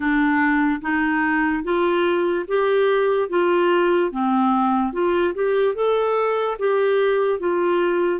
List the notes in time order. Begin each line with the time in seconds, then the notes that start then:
0.00 D4
0.81 D#4
1.63 F4
2.47 G4
3.29 F4
4.11 C4
4.92 F4
5.34 G4
5.75 A4
6.58 G4
7.39 F4